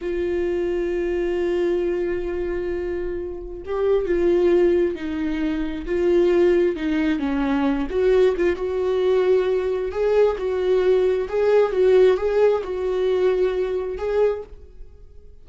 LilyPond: \new Staff \with { instrumentName = "viola" } { \time 4/4 \tempo 4 = 133 f'1~ | f'1 | g'4 f'2 dis'4~ | dis'4 f'2 dis'4 |
cis'4. fis'4 f'8 fis'4~ | fis'2 gis'4 fis'4~ | fis'4 gis'4 fis'4 gis'4 | fis'2. gis'4 | }